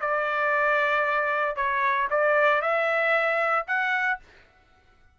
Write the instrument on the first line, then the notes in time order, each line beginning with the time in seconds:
trumpet
0.00 D5
1.56 C#5
2.10 D5
2.61 E5
3.67 F#5